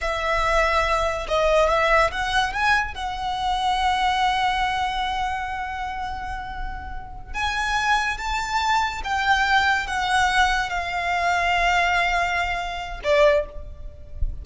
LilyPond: \new Staff \with { instrumentName = "violin" } { \time 4/4 \tempo 4 = 143 e''2. dis''4 | e''4 fis''4 gis''4 fis''4~ | fis''1~ | fis''1~ |
fis''4. gis''2 a''8~ | a''4. g''2 fis''8~ | fis''4. f''2~ f''8~ | f''2. d''4 | }